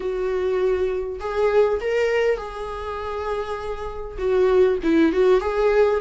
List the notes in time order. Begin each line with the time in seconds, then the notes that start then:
0.00 F#4
1.20 G#4
1.80 A#4
2.37 G#4
4.18 F#4
4.83 E4
5.12 F#4
5.40 G#4